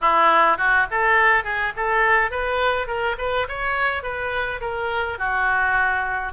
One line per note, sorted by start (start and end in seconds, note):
0.01 0.57 E4
0.57 0.86 F#4
0.90 1.43 A4
1.43 1.72 G#4
1.76 2.31 A4
2.31 2.87 B4
2.87 3.16 A#4
3.18 3.47 B4
3.48 4.02 C#5
4.02 4.60 B4
4.60 5.18 A#4
5.18 6.32 F#4